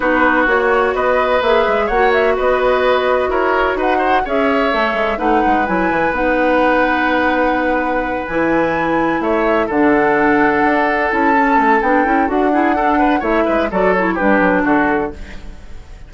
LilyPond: <<
  \new Staff \with { instrumentName = "flute" } { \time 4/4 \tempo 4 = 127 b'4 cis''4 dis''4 e''4 | fis''8 e''8 dis''2 cis''4 | fis''4 e''2 fis''4 | gis''4 fis''2.~ |
fis''4. gis''2 e''8~ | e''8 fis''2. a''8~ | a''4 g''4 fis''2 | e''4 d''8 cis''8 b'4 a'4 | }
  \new Staff \with { instrumentName = "oboe" } { \time 4/4 fis'2 b'2 | cis''4 b'2 ais'4 | b'8 c''8 cis''2 b'4~ | b'1~ |
b'2.~ b'8 cis''8~ | cis''8 a'2.~ a'8~ | a'2~ a'8 gis'8 a'8 b'8 | cis''8 b'8 a'4 g'4 fis'4 | }
  \new Staff \with { instrumentName = "clarinet" } { \time 4/4 dis'4 fis'2 gis'4 | fis'1~ | fis'4 gis'4 a'4 dis'4 | e'4 dis'2.~ |
dis'4. e'2~ e'8~ | e'8 d'2. e'8 | cis'4 d'8 e'8 fis'8 e'8 d'4 | e'4 fis'8 e'8 d'2 | }
  \new Staff \with { instrumentName = "bassoon" } { \time 4/4 b4 ais4 b4 ais8 gis8 | ais4 b2 e'4 | dis'4 cis'4 a8 gis8 a8 gis8 | fis8 e8 b2.~ |
b4. e2 a8~ | a8 d2 d'4 cis'8~ | cis'8 a8 b8 cis'8 d'2 | a8 gis8 fis4 g8 fis8 d4 | }
>>